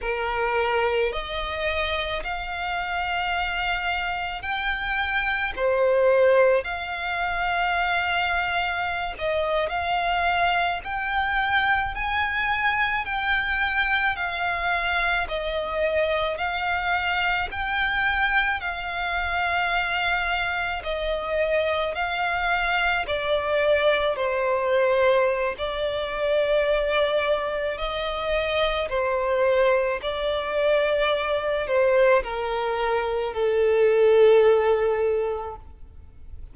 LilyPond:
\new Staff \with { instrumentName = "violin" } { \time 4/4 \tempo 4 = 54 ais'4 dis''4 f''2 | g''4 c''4 f''2~ | f''16 dis''8 f''4 g''4 gis''4 g''16~ | g''8. f''4 dis''4 f''4 g''16~ |
g''8. f''2 dis''4 f''16~ | f''8. d''4 c''4~ c''16 d''4~ | d''4 dis''4 c''4 d''4~ | d''8 c''8 ais'4 a'2 | }